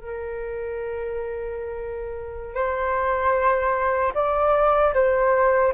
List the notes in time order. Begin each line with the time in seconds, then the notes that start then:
0.00 A#4
2.55 C5
4.14 D5
4.94 C5